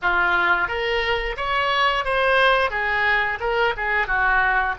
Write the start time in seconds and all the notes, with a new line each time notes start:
0.02 F4
0.68 A#4
1.36 C#5
2.04 C5
2.70 G#4
3.40 A#4
3.76 G#4
4.07 F#4